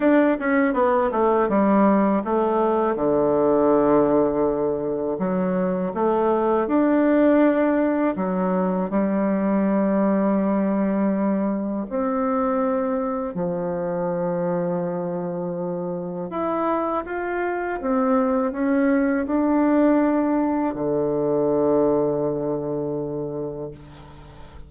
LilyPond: \new Staff \with { instrumentName = "bassoon" } { \time 4/4 \tempo 4 = 81 d'8 cis'8 b8 a8 g4 a4 | d2. fis4 | a4 d'2 fis4 | g1 |
c'2 f2~ | f2 e'4 f'4 | c'4 cis'4 d'2 | d1 | }